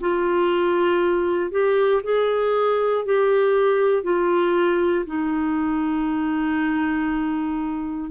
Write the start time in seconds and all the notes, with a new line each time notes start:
0.00 F4
1.51 G4
2.03 G#4
3.05 G4
4.03 F4
5.06 D#4